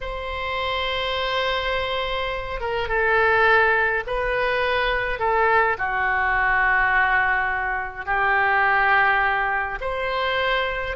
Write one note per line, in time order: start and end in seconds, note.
0.00 2.60 C5
2.60 2.88 A#4
2.88 4.03 A4
4.06 5.19 B4
5.19 5.76 A4
5.78 8.05 F#4
8.05 9.78 G4
9.81 10.96 C5